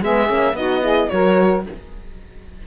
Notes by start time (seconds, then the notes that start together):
0.00 G#3 B3 G#4 E5
0.26 A#3 C#4
0.53 B3 D#4 F#4 D#5
0.82 E4 G#4
1.09 F#3 F#4 A#4 C#5